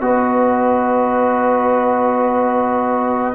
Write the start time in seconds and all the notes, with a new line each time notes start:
0.00 B3 F#4 B4 D#5